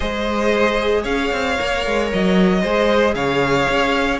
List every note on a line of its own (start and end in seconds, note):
0.00 1.04 G#3
0.00 1.56 G#4
0.00 1.02 C5
0.00 1.04 D#5
1.02 1.30 C#4
1.02 2.60 C#5
1.02 2.09 F5
1.32 1.58 C4
1.57 1.86 A#3
1.57 2.62 A#4
1.86 2.12 G#3
2.12 2.63 F#3
2.12 3.14 D#5
2.61 3.14 G#3
2.61 4.20 G#4
2.61 3.14 C5
3.14 3.67 C#3
3.14 4.20 C#5
3.14 4.19 F5
3.68 4.20 C#4